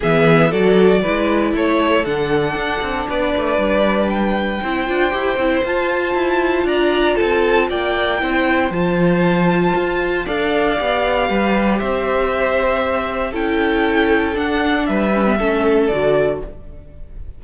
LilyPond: <<
  \new Staff \with { instrumentName = "violin" } { \time 4/4 \tempo 4 = 117 e''4 d''2 cis''4 | fis''2 d''2 | g''2. a''4~ | a''4 ais''4 a''4 g''4~ |
g''4 a''2. | f''2. e''4~ | e''2 g''2 | fis''4 e''2 d''4 | }
  \new Staff \with { instrumentName = "violin" } { \time 4/4 gis'4 a'4 b'4 a'4~ | a'2 b'2~ | b'4 c''2.~ | c''4 d''4 a'4 d''4 |
c''1 | d''2 b'4 c''4~ | c''2 a'2~ | a'4 b'4 a'2 | }
  \new Staff \with { instrumentName = "viola" } { \time 4/4 b4 fis'4 e'2 | d'1~ | d'4 e'8 f'8 g'8 e'8 f'4~ | f'1 |
e'4 f'2. | a'4 g'2.~ | g'2 e'2 | d'4. cis'16 b16 cis'4 fis'4 | }
  \new Staff \with { instrumentName = "cello" } { \time 4/4 e4 fis4 gis4 a4 | d4 d'8 c'8 b8 a8 g4~ | g4 c'8 d'8 e'8 c'8 f'4 | e'4 d'4 c'4 ais4 |
c'4 f2 f'4 | d'4 b4 g4 c'4~ | c'2 cis'2 | d'4 g4 a4 d4 | }
>>